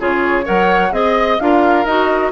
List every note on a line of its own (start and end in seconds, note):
0.00 0.47 C#3
0.00 0.45 F4
0.00 0.46 G#4
0.00 0.47 C#5
0.45 0.92 F#3
0.45 0.91 A#4
0.45 0.92 C#5
0.45 0.93 F#5
0.92 1.39 C4
0.92 1.39 G#4
0.92 1.40 D#5
0.92 1.43 D#5
1.40 1.86 D4
1.40 1.88 F4
1.40 2.32 A#4
1.40 1.86 F5
1.86 2.32 D#4
1.86 2.32 F#4
1.86 2.32 D#5